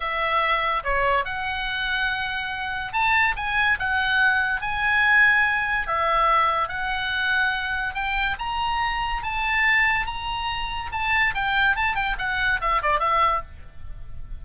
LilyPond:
\new Staff \with { instrumentName = "oboe" } { \time 4/4 \tempo 4 = 143 e''2 cis''4 fis''4~ | fis''2. a''4 | gis''4 fis''2 gis''4~ | gis''2 e''2 |
fis''2. g''4 | ais''2 a''2 | ais''2 a''4 g''4 | a''8 g''8 fis''4 e''8 d''8 e''4 | }